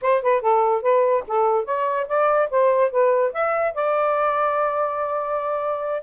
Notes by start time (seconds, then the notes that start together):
0.01 C5
0.22 B4
0.41 A4
0.82 B4
1.27 A4
1.65 C#5
2.07 D5
2.50 C5
2.90 B4
3.33 E5
3.74 D5